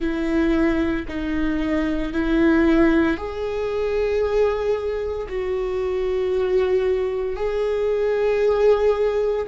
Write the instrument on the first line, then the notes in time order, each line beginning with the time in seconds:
viola
0.00 E4
1.08 D#4
2.12 E4
3.17 G#4
5.29 F#4
7.35 G#4